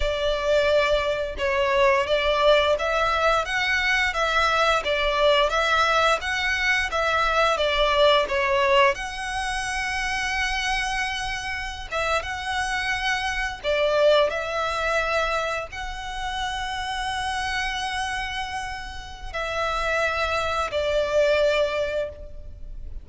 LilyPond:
\new Staff \with { instrumentName = "violin" } { \time 4/4 \tempo 4 = 87 d''2 cis''4 d''4 | e''4 fis''4 e''4 d''4 | e''4 fis''4 e''4 d''4 | cis''4 fis''2.~ |
fis''4~ fis''16 e''8 fis''2 d''16~ | d''8. e''2 fis''4~ fis''16~ | fis''1 | e''2 d''2 | }